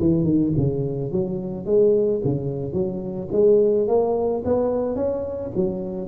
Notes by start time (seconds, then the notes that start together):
0.00 E3
0.24 D#3
0.57 C#3
1.12 F#3
1.66 G#3
2.25 C#3
2.73 F#3
3.32 G#3
3.88 A#3
4.45 B3
4.96 C#4
5.56 F#3